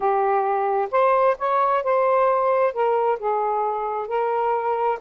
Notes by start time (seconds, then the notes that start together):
0.00 G4
0.91 C5
1.38 C#5
1.83 C5
2.73 A#4
3.19 G#4
4.07 A#4